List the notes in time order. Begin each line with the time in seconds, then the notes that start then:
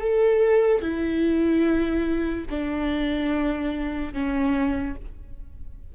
0.00 A4
0.81 E4
2.50 D4
4.13 C#4